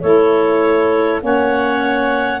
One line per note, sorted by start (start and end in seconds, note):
0.00 1.22 A3
0.00 1.19 E4
0.00 1.22 A4
0.00 1.20 C#5
1.19 2.40 A#3
1.19 2.39 C#4
1.19 2.40 C#5
1.19 2.40 F#5